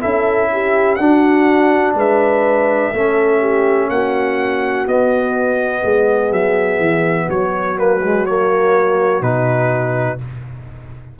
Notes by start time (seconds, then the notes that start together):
0.00 C#4 E4 A4 E5
0.52 G4
0.95 D4 F#4 F#5
1.94 G#3 B4 E5
2.93 A3 C#4 A4
3.40 G4
3.89 A#3 F#4 F#5
4.85 B3 D#5
5.82 G#3 G#4
6.31 F#3 E5
6.79 E3
7.28 F#3 F#4 C#5
7.76 A#3 B4
8.01 G#3
8.25 A#3 C#5
9.21 B2 D#4 B4